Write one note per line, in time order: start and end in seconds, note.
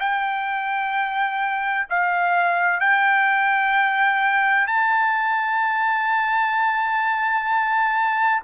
0.00 1.87 G5
1.90 2.80 F5
2.80 4.67 G5
4.67 8.42 A5